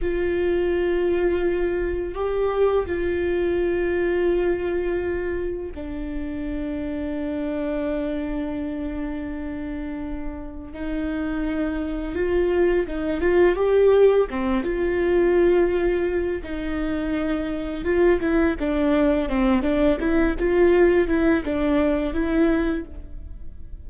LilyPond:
\new Staff \with { instrumentName = "viola" } { \time 4/4 \tempo 4 = 84 f'2. g'4 | f'1 | d'1~ | d'2. dis'4~ |
dis'4 f'4 dis'8 f'8 g'4 | c'8 f'2~ f'8 dis'4~ | dis'4 f'8 e'8 d'4 c'8 d'8 | e'8 f'4 e'8 d'4 e'4 | }